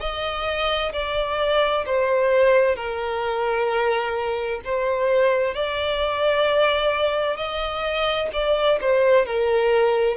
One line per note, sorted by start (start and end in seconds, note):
0.00 0.92 D#5
0.93 1.85 D5
1.86 2.76 C5
2.76 4.60 A#4
4.64 5.55 C5
5.55 7.37 D5
7.37 8.29 D#5
8.33 8.79 D5
8.81 9.26 C5
9.26 10.17 A#4